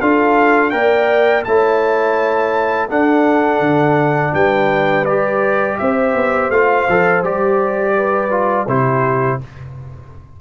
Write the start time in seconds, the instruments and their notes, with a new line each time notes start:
0.00 tuba D4, trombone F4, horn A4, trumpet F5
0.70 tuba A#3, trombone A#4, horn D5, trumpet G5
1.44 tuba A3, trombone E4, horn C#5, trumpet A5
2.88 trombone D4, tuba D4, horn A4, trumpet F#5
3.59 tuba D3
4.32 tuba G3, horn B4, trumpet G5
5.05 trombone G4, trumpet D5
5.78 tuba C4, horn C5, trumpet E5
6.13 tuba B3
6.49 tuba A3, trombone F4, trumpet F5
6.88 tuba F3, trombone A4
7.23 tuba G3, trombone G4, trumpet D5
7.96 horn B4
8.30 trombone F4
8.67 tuba C3, trombone E4, horn G4, trumpet C5